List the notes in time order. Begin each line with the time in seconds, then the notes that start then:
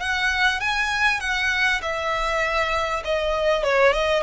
0.00 F#5
0.60 G#5
1.21 F#5
1.82 E5
3.05 D#5
3.64 C#5
3.93 D#5